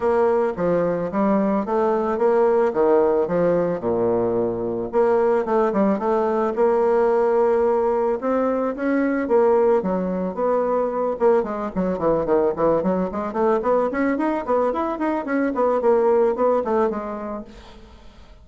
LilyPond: \new Staff \with { instrumentName = "bassoon" } { \time 4/4 \tempo 4 = 110 ais4 f4 g4 a4 | ais4 dis4 f4 ais,4~ | ais,4 ais4 a8 g8 a4 | ais2. c'4 |
cis'4 ais4 fis4 b4~ | b8 ais8 gis8 fis8 e8 dis8 e8 fis8 | gis8 a8 b8 cis'8 dis'8 b8 e'8 dis'8 | cis'8 b8 ais4 b8 a8 gis4 | }